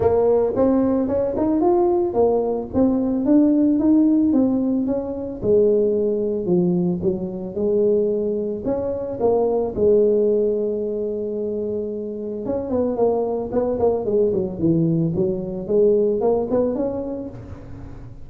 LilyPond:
\new Staff \with { instrumentName = "tuba" } { \time 4/4 \tempo 4 = 111 ais4 c'4 cis'8 dis'8 f'4 | ais4 c'4 d'4 dis'4 | c'4 cis'4 gis2 | f4 fis4 gis2 |
cis'4 ais4 gis2~ | gis2. cis'8 b8 | ais4 b8 ais8 gis8 fis8 e4 | fis4 gis4 ais8 b8 cis'4 | }